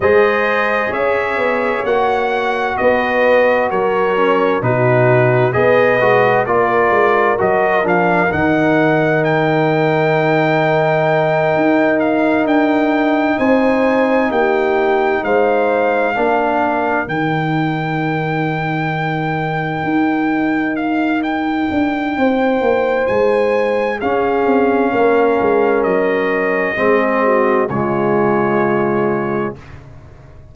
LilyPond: <<
  \new Staff \with { instrumentName = "trumpet" } { \time 4/4 \tempo 4 = 65 dis''4 e''4 fis''4 dis''4 | cis''4 b'4 dis''4 d''4 | dis''8 f''8 fis''4 g''2~ | g''4 f''8 g''4 gis''4 g''8~ |
g''8 f''2 g''4.~ | g''2~ g''8 f''8 g''4~ | g''4 gis''4 f''2 | dis''2 cis''2 | }
  \new Staff \with { instrumentName = "horn" } { \time 4/4 c''4 cis''2 b'4 | ais'4 fis'4 b'4 ais'4~ | ais'1~ | ais'2~ ais'8 c''4 g'8~ |
g'8 c''4 ais'2~ ais'8~ | ais'1 | c''2 gis'4 ais'4~ | ais'4 gis'8 fis'8 f'2 | }
  \new Staff \with { instrumentName = "trombone" } { \time 4/4 gis'2 fis'2~ | fis'8 cis'8 dis'4 gis'8 fis'8 f'4 | fis'8 d'8 dis'2.~ | dis'1~ |
dis'4. d'4 dis'4.~ | dis'1~ | dis'2 cis'2~ | cis'4 c'4 gis2 | }
  \new Staff \with { instrumentName = "tuba" } { \time 4/4 gis4 cis'8 b8 ais4 b4 | fis4 b,4 b8 gis8 ais8 gis8 | fis8 f8 dis2.~ | dis8 dis'4 d'4 c'4 ais8~ |
ais8 gis4 ais4 dis4.~ | dis4. dis'2 d'8 | c'8 ais8 gis4 cis'8 c'8 ais8 gis8 | fis4 gis4 cis2 | }
>>